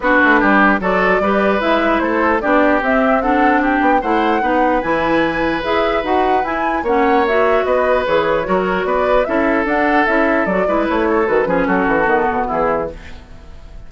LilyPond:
<<
  \new Staff \with { instrumentName = "flute" } { \time 4/4 \tempo 4 = 149 b'2 d''2 | e''4 c''4 d''4 e''4 | fis''4 g''4 fis''2 | gis''2 e''4 fis''4 |
gis''4 fis''4 e''4 dis''4 | cis''2 d''4 e''4 | fis''4 e''4 d''4 cis''4 | b'4 a'2 gis'4 | }
  \new Staff \with { instrumentName = "oboe" } { \time 4/4 fis'4 g'4 a'4 b'4~ | b'4 a'4 g'2 | a'4 g'4 c''4 b'4~ | b'1~ |
b'4 cis''2 b'4~ | b'4 ais'4 b'4 a'4~ | a'2~ a'8 b'4 a'8~ | a'8 gis'8 fis'2 e'4 | }
  \new Staff \with { instrumentName = "clarinet" } { \time 4/4 d'2 fis'4 g'4 | e'2 d'4 c'4 | d'2 e'4 dis'4 | e'2 gis'4 fis'4 |
e'4 cis'4 fis'2 | gis'4 fis'2 e'4 | d'4 e'4 fis'8 e'4. | fis'8 cis'4. b2 | }
  \new Staff \with { instrumentName = "bassoon" } { \time 4/4 b8 a8 g4 fis4 g4 | gis4 a4 b4 c'4~ | c'4. b8 a4 b4 | e2 e'4 dis'4 |
e'4 ais2 b4 | e4 fis4 b4 cis'4 | d'4 cis'4 fis8 gis8 a4 | dis8 f8 fis8 e8 dis8 b,8 e4 | }
>>